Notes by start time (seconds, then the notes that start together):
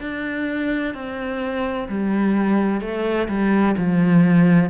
0.00 D4
0.94 C4
1.88 G3
2.81 A3
3.28 G3
3.77 F3